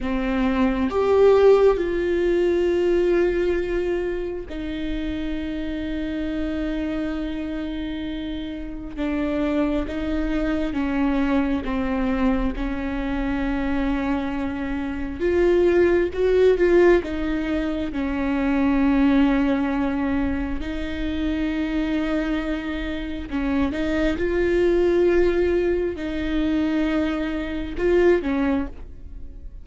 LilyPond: \new Staff \with { instrumentName = "viola" } { \time 4/4 \tempo 4 = 67 c'4 g'4 f'2~ | f'4 dis'2.~ | dis'2 d'4 dis'4 | cis'4 c'4 cis'2~ |
cis'4 f'4 fis'8 f'8 dis'4 | cis'2. dis'4~ | dis'2 cis'8 dis'8 f'4~ | f'4 dis'2 f'8 cis'8 | }